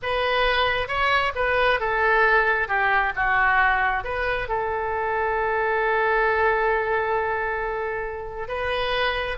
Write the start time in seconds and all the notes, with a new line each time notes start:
0.02 B4
0.87 C#5
1.35 B4
1.80 A4
2.67 G4
3.15 F#4
4.04 B4
4.48 A4
8.47 B4